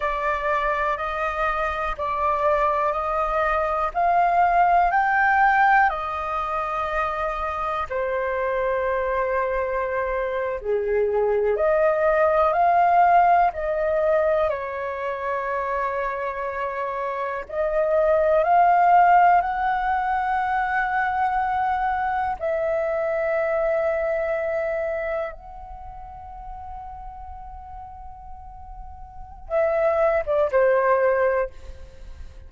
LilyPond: \new Staff \with { instrumentName = "flute" } { \time 4/4 \tempo 4 = 61 d''4 dis''4 d''4 dis''4 | f''4 g''4 dis''2 | c''2~ c''8. gis'4 dis''16~ | dis''8. f''4 dis''4 cis''4~ cis''16~ |
cis''4.~ cis''16 dis''4 f''4 fis''16~ | fis''2~ fis''8. e''4~ e''16~ | e''4.~ e''16 fis''2~ fis''16~ | fis''2 e''8. d''16 c''4 | }